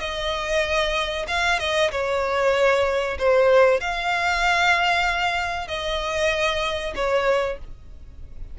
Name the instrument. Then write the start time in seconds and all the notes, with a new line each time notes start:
violin
0.00 D#5
1.28 F5
1.60 D#5
1.92 C#5
3.19 C5
3.81 F5
5.68 D#5
6.96 C#5